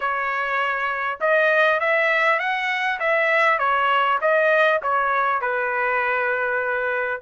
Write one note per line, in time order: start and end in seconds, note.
0.00 1.19 C#5
1.20 1.80 D#5
1.80 2.39 E5
2.39 2.99 F#5
2.99 3.58 E5
3.58 4.18 C#5
4.21 4.81 D#5
4.82 5.41 C#5
5.41 7.21 B4